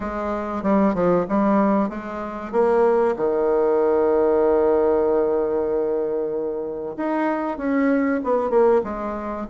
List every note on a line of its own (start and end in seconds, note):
0.00 0.63 G#3
0.63 0.94 G3
0.94 1.25 F3
1.28 1.89 G3
1.89 2.51 G#3
2.51 3.15 A#3
3.16 6.95 D#3
6.96 7.57 D#4
7.57 8.20 C#4
8.23 8.49 B3
8.49 8.81 A#3
8.83 9.47 G#3